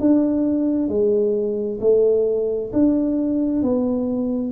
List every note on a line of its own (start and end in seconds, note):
0.00 0.88 D4
0.88 1.79 G#3
1.81 2.72 A3
2.73 3.62 D4
3.62 4.52 B3